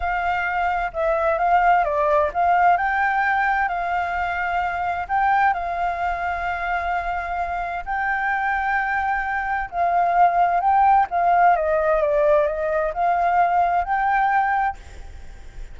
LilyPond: \new Staff \with { instrumentName = "flute" } { \time 4/4 \tempo 4 = 130 f''2 e''4 f''4 | d''4 f''4 g''2 | f''2. g''4 | f''1~ |
f''4 g''2.~ | g''4 f''2 g''4 | f''4 dis''4 d''4 dis''4 | f''2 g''2 | }